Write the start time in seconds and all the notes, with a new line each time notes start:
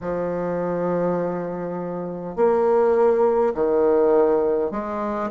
0.01 F3
2.35 A#3
3.54 D#3
4.71 G#3